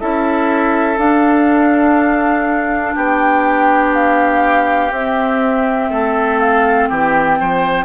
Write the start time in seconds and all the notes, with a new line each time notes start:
0.00 C#4 E4 A4 E5
0.96 D4 F5
2.95 B3 G4 G5
3.94 F5
4.91 C4 E5
5.90 A3 A4
6.39 F5
6.89 E3 G4 G5
7.40 F3 C5